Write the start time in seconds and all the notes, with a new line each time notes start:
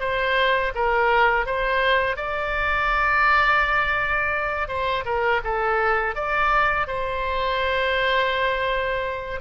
0.00 C5
0.75 A#4
1.46 C5
2.17 D5
4.68 C5
5.05 A#4
5.44 A4
6.15 D5
6.87 C5